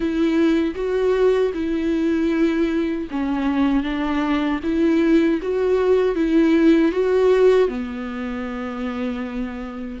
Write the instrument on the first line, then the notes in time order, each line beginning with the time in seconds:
viola
0.00 E4
0.75 F#4
1.54 E4
3.10 C#4
3.83 D4
4.63 E4
5.42 F#4
6.15 E4
6.92 F#4
7.68 B3